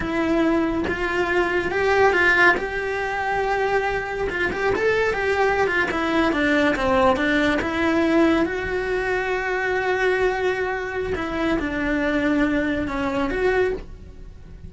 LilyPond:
\new Staff \with { instrumentName = "cello" } { \time 4/4 \tempo 4 = 140 e'2 f'2 | g'4 f'4 g'2~ | g'2 f'8 g'8 a'4 | g'4~ g'16 f'8 e'4 d'4 c'16~ |
c'8. d'4 e'2 fis'16~ | fis'1~ | fis'2 e'4 d'4~ | d'2 cis'4 fis'4 | }